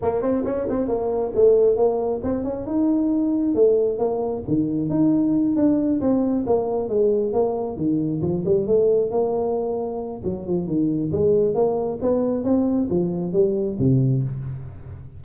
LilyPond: \new Staff \with { instrumentName = "tuba" } { \time 4/4 \tempo 4 = 135 ais8 c'8 cis'8 c'8 ais4 a4 | ais4 c'8 cis'8 dis'2 | a4 ais4 dis4 dis'4~ | dis'8 d'4 c'4 ais4 gis8~ |
gis8 ais4 dis4 f8 g8 a8~ | a8 ais2~ ais8 fis8 f8 | dis4 gis4 ais4 b4 | c'4 f4 g4 c4 | }